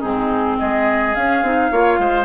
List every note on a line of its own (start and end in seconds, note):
0.00 0.59 G#2
0.00 1.15 C4
0.00 0.56 D#4
0.00 0.57 G#4
0.59 1.16 G#3
0.59 1.72 G#4
0.59 1.15 D#5
1.15 1.43 C#4
1.15 1.45 C#4
1.15 2.25 F5
1.43 1.71 C4
1.43 1.72 D#4
1.72 1.99 A#3
1.72 2.25 F4
1.72 2.00 C#5
1.99 2.25 G#3
1.99 2.25 C5